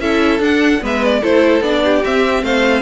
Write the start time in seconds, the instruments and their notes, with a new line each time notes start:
0.00 cello C#4, viola E4, violin A4 E5
0.40 cello D4, viola D4, violin F#5
0.82 cello G#3, viola B3, violin B4 E5
1.05 violin D5
1.21 cello A3, viola E4, violin A4 C5
1.61 cello B3, viola D4, violin D5
1.85 violin G4
2.05 viola C4, cello C4, violin E5
2.43 cello A3, violin C5 F5